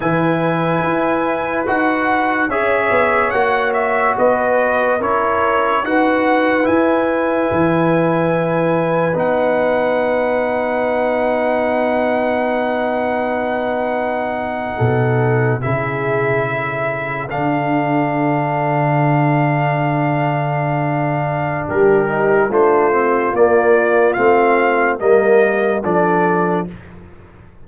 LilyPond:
<<
  \new Staff \with { instrumentName = "trumpet" } { \time 4/4 \tempo 4 = 72 gis''2 fis''4 e''4 | fis''8 e''8 dis''4 cis''4 fis''4 | gis''2. fis''4~ | fis''1~ |
fis''2~ fis''8. e''4~ e''16~ | e''8. f''2.~ f''16~ | f''2 ais'4 c''4 | d''4 f''4 dis''4 d''4 | }
  \new Staff \with { instrumentName = "horn" } { \time 4/4 b'2. cis''4~ | cis''4 b'4 ais'4 b'4~ | b'1~ | b'1~ |
b'4.~ b'16 a'4 gis'4 a'16~ | a'1~ | a'2 g'4 f'4~ | f'2 ais'4 a'4 | }
  \new Staff \with { instrumentName = "trombone" } { \time 4/4 e'2 fis'4 gis'4 | fis'2 e'4 fis'4 | e'2. dis'4~ | dis'1~ |
dis'2~ dis'8. e'4~ e'16~ | e'8. d'2.~ d'16~ | d'2~ d'8 dis'8 d'8 c'8 | ais4 c'4 ais4 d'4 | }
  \new Staff \with { instrumentName = "tuba" } { \time 4/4 e4 e'4 dis'4 cis'8 b8 | ais4 b4 cis'4 dis'4 | e'4 e2 b4~ | b1~ |
b4.~ b16 b,4 cis4~ cis16~ | cis8. d2.~ d16~ | d2 g4 a4 | ais4 a4 g4 f4 | }
>>